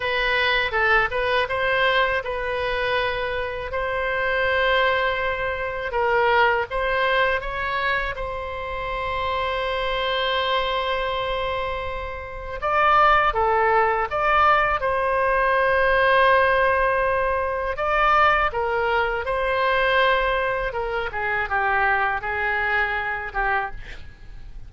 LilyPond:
\new Staff \with { instrumentName = "oboe" } { \time 4/4 \tempo 4 = 81 b'4 a'8 b'8 c''4 b'4~ | b'4 c''2. | ais'4 c''4 cis''4 c''4~ | c''1~ |
c''4 d''4 a'4 d''4 | c''1 | d''4 ais'4 c''2 | ais'8 gis'8 g'4 gis'4. g'8 | }